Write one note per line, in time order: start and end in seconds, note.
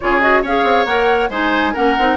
0.00 0.43 C#3
0.00 0.21 F4
0.00 0.42 G#4
0.00 0.21 C#5
0.21 0.43 F#4
0.21 0.43 D#5
0.42 0.63 C#4
0.42 0.87 G#4
0.42 1.30 C#5
0.42 0.85 F5
0.63 0.85 C4
0.85 1.29 A#3
0.85 1.30 A#4
0.85 1.29 F#5
1.29 1.73 G#3
1.29 1.74 D#4
1.29 1.73 C5
1.29 1.74 G#5
1.73 1.98 A#3
1.73 1.96 C#4
1.73 2.16 A#4
1.73 2.16 F#5
1.98 2.16 C4
1.98 2.16 D#4